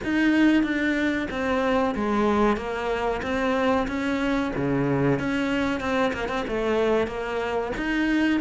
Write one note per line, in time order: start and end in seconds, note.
0.04 0.63 D#4
0.63 1.27 D4
1.30 1.94 C4
1.95 2.56 G#3
2.56 3.21 A#3
3.22 3.87 C4
3.87 4.52 C#4
4.55 5.19 C#3
5.19 5.80 C#4
5.80 6.12 C4
6.13 6.28 A#3
6.28 6.44 C4
6.47 7.07 A3
7.07 7.72 A#3
7.77 8.40 D#4